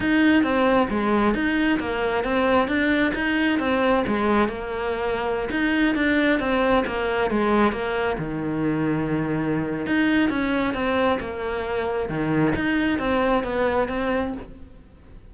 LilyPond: \new Staff \with { instrumentName = "cello" } { \time 4/4 \tempo 4 = 134 dis'4 c'4 gis4 dis'4 | ais4 c'4 d'4 dis'4 | c'4 gis4 ais2~ | ais16 dis'4 d'4 c'4 ais8.~ |
ais16 gis4 ais4 dis4.~ dis16~ | dis2 dis'4 cis'4 | c'4 ais2 dis4 | dis'4 c'4 b4 c'4 | }